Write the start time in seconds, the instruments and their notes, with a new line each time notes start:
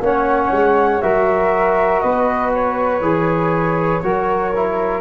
0.00 tuba A#3, trombone C#4, flute C#5 F#5
0.52 tuba G#3
1.01 tuba F#3, trombone F#4, flute A#4 E5
2.00 tuba B3, flute B4 D#5
2.54 flute C#5
3.01 tuba E3, trombone G#4
4.03 tuba F#3, trombone F#4, flute A#4
4.55 trombone E4